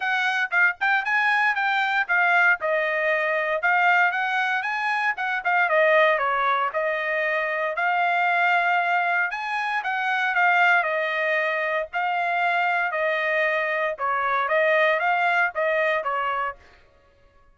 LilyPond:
\new Staff \with { instrumentName = "trumpet" } { \time 4/4 \tempo 4 = 116 fis''4 f''8 g''8 gis''4 g''4 | f''4 dis''2 f''4 | fis''4 gis''4 fis''8 f''8 dis''4 | cis''4 dis''2 f''4~ |
f''2 gis''4 fis''4 | f''4 dis''2 f''4~ | f''4 dis''2 cis''4 | dis''4 f''4 dis''4 cis''4 | }